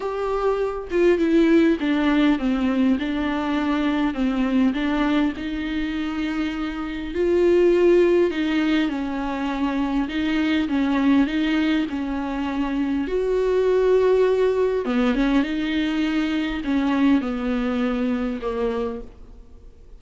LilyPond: \new Staff \with { instrumentName = "viola" } { \time 4/4 \tempo 4 = 101 g'4. f'8 e'4 d'4 | c'4 d'2 c'4 | d'4 dis'2. | f'2 dis'4 cis'4~ |
cis'4 dis'4 cis'4 dis'4 | cis'2 fis'2~ | fis'4 b8 cis'8 dis'2 | cis'4 b2 ais4 | }